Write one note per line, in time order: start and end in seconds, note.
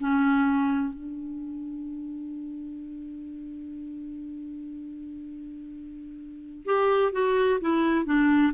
0.00 0.94 C#4
0.94 6.66 D4
6.66 7.13 G4
7.13 7.61 F#4
7.61 8.06 E4
8.06 8.54 D4